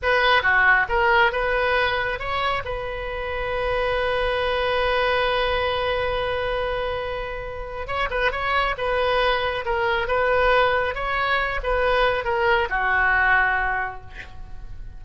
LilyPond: \new Staff \with { instrumentName = "oboe" } { \time 4/4 \tempo 4 = 137 b'4 fis'4 ais'4 b'4~ | b'4 cis''4 b'2~ | b'1~ | b'1~ |
b'2 cis''8 b'8 cis''4 | b'2 ais'4 b'4~ | b'4 cis''4. b'4. | ais'4 fis'2. | }